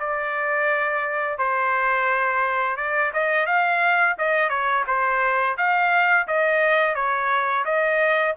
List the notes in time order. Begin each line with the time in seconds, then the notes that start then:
0.00 D5
1.39 C5
2.77 D5
3.14 D#5
3.47 F5
4.19 D#5
4.50 C#5
4.87 C5
5.58 F5
6.28 D#5
6.95 C#5
7.66 D#5